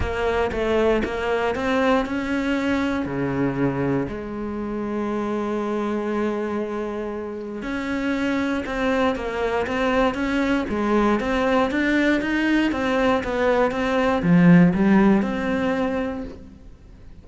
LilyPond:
\new Staff \with { instrumentName = "cello" } { \time 4/4 \tempo 4 = 118 ais4 a4 ais4 c'4 | cis'2 cis2 | gis1~ | gis2. cis'4~ |
cis'4 c'4 ais4 c'4 | cis'4 gis4 c'4 d'4 | dis'4 c'4 b4 c'4 | f4 g4 c'2 | }